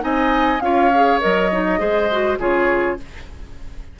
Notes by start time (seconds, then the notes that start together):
0.00 C4 D#4 D#5 G#5
0.61 C#4 F4 C#5 F5
0.94 G#4
1.20 F#3 A#4 D#5
1.52 D#4
1.79 G#3 G#4 C5
2.11 F#4
2.38 C#3 F4 G#4 C#5